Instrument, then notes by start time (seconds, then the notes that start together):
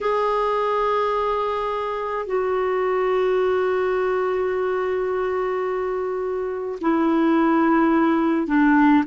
clarinet
0.01 G#4
2.26 F#4
6.81 E4
8.46 D4